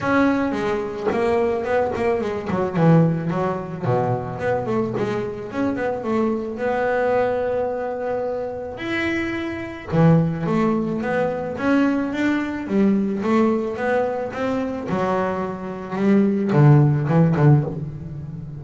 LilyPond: \new Staff \with { instrumentName = "double bass" } { \time 4/4 \tempo 4 = 109 cis'4 gis4 ais4 b8 ais8 | gis8 fis8 e4 fis4 b,4 | b8 a8 gis4 cis'8 b8 a4 | b1 |
e'2 e4 a4 | b4 cis'4 d'4 g4 | a4 b4 c'4 fis4~ | fis4 g4 d4 e8 d8 | }